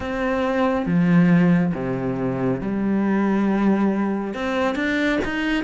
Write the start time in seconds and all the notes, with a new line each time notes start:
0.00 C4
0.85 F3
1.74 C3
2.60 G3
4.34 C4
4.75 D4
5.24 D#4